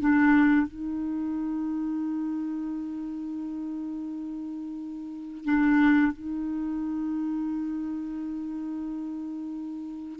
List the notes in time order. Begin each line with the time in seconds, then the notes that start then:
0.00 D4
0.67 D#4
5.45 D4
6.12 D#4